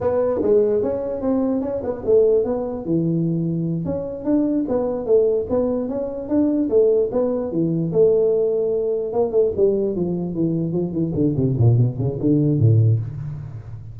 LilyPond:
\new Staff \with { instrumentName = "tuba" } { \time 4/4 \tempo 4 = 148 b4 gis4 cis'4 c'4 | cis'8 b8 a4 b4 e4~ | e4. cis'4 d'4 b8~ | b8 a4 b4 cis'4 d'8~ |
d'8 a4 b4 e4 a8~ | a2~ a8 ais8 a8 g8~ | g8 f4 e4 f8 e8 d8 | c8 ais,8 b,8 cis8 d4 a,4 | }